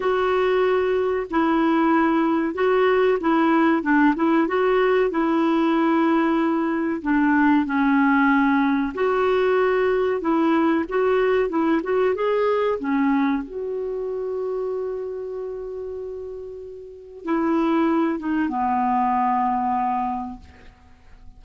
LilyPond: \new Staff \with { instrumentName = "clarinet" } { \time 4/4 \tempo 4 = 94 fis'2 e'2 | fis'4 e'4 d'8 e'8 fis'4 | e'2. d'4 | cis'2 fis'2 |
e'4 fis'4 e'8 fis'8 gis'4 | cis'4 fis'2.~ | fis'2. e'4~ | e'8 dis'8 b2. | }